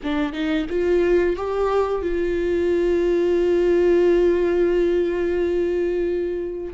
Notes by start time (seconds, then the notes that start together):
0.03 D4
0.32 D#4
0.69 F4
1.36 G4
2.01 F4